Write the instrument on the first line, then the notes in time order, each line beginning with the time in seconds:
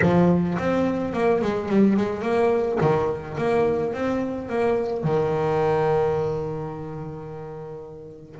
double bass
0.01 F3
0.58 C4
1.13 A#3
1.41 G#3
1.68 G3
1.96 G#3
2.22 A#3
2.80 D#3
3.37 A#3
3.93 C4
4.48 A#3
5.03 D#3